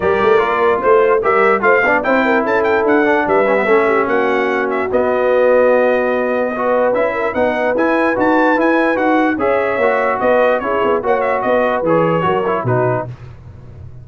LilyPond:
<<
  \new Staff \with { instrumentName = "trumpet" } { \time 4/4 \tempo 4 = 147 d''2 c''4 e''4 | f''4 g''4 a''8 g''8 fis''4 | e''2 fis''4. e''8 | dis''1~ |
dis''4 e''4 fis''4 gis''4 | a''4 gis''4 fis''4 e''4~ | e''4 dis''4 cis''4 fis''8 e''8 | dis''4 cis''2 b'4 | }
  \new Staff \with { instrumentName = "horn" } { \time 4/4 ais'2 c''4 ais'4 | c''8 d''8 c''8 ais'8 a'2 | b'4 a'8 g'8 fis'2~ | fis'1 |
b'4. ais'8 b'2~ | b'2. cis''4~ | cis''4 b'4 gis'4 cis''4 | b'2 ais'4 fis'4 | }
  \new Staff \with { instrumentName = "trombone" } { \time 4/4 g'4 f'2 g'4 | f'8 d'8 e'2~ e'8 d'8~ | d'8 cis'16 b16 cis'2. | b1 |
fis'4 e'4 dis'4 e'4 | fis'4 e'4 fis'4 gis'4 | fis'2 e'4 fis'4~ | fis'4 gis'4 fis'8 e'8 dis'4 | }
  \new Staff \with { instrumentName = "tuba" } { \time 4/4 g8 a8 ais4 a4 g4 | a8 b8 c'4 cis'4 d'4 | g4 a4 ais2 | b1~ |
b4 cis'4 b4 e'4 | dis'4 e'4 dis'4 cis'4 | ais4 b4 cis'8 b8 ais4 | b4 e4 fis4 b,4 | }
>>